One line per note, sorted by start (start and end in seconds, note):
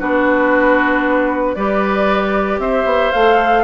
0.00 1.56 B3
0.00 1.57 D4
0.00 1.56 F#4
0.00 1.55 B4
1.55 2.58 G3
1.55 3.14 G4
1.55 2.61 B4
1.55 2.60 D5
2.58 2.85 C4
2.58 3.64 C5
2.58 3.12 E5
2.85 3.11 B3
3.12 3.64 A3
3.12 3.64 A4
3.12 3.64 F5